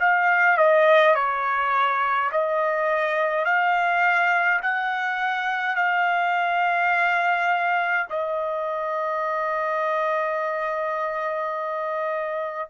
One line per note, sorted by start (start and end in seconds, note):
0.00 0.58 F5
0.58 1.15 D#5
1.15 2.31 C#5
2.32 3.45 D#5
3.45 4.60 F5
4.62 5.76 F#5
5.76 8.07 F5
8.10 12.70 D#5